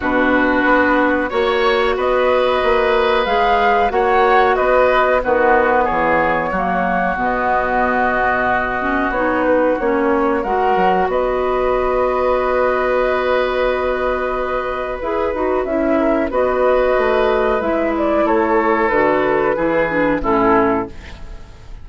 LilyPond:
<<
  \new Staff \with { instrumentName = "flute" } { \time 4/4 \tempo 4 = 92 b'2 cis''4 dis''4~ | dis''4 f''4 fis''4 dis''4 | b'4 cis''2 dis''4~ | dis''2 cis''8 b'8 cis''4 |
fis''4 dis''2.~ | dis''2. b'4 | e''4 dis''2 e''8 d''8 | cis''4 b'2 a'4 | }
  \new Staff \with { instrumentName = "oboe" } { \time 4/4 fis'2 cis''4 b'4~ | b'2 cis''4 b'4 | fis'4 gis'4 fis'2~ | fis'1 |
ais'4 b'2.~ | b'1~ | b'8 ais'8 b'2. | a'2 gis'4 e'4 | }
  \new Staff \with { instrumentName = "clarinet" } { \time 4/4 d'2 fis'2~ | fis'4 gis'4 fis'2 | b2 ais4 b4~ | b4. cis'8 dis'4 cis'4 |
fis'1~ | fis'2. gis'8 fis'8 | e'4 fis'2 e'4~ | e'4 fis'4 e'8 d'8 cis'4 | }
  \new Staff \with { instrumentName = "bassoon" } { \time 4/4 b,4 b4 ais4 b4 | ais4 gis4 ais4 b4 | dis4 e4 fis4 b,4~ | b,2 b4 ais4 |
gis8 fis8 b2.~ | b2. e'8 dis'8 | cis'4 b4 a4 gis4 | a4 d4 e4 a,4 | }
>>